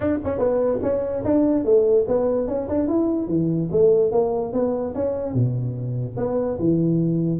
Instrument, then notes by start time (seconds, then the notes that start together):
tuba
0.00 D4
0.24 C#4
0.38 B3
0.82 C#4
1.24 D4
1.64 A3
2.07 B3
2.47 C#4
2.68 D4
2.87 E4
3.27 E3
3.71 A3
4.11 A#3
4.53 B3
4.94 C#4
5.33 B2
6.16 B3
6.59 E3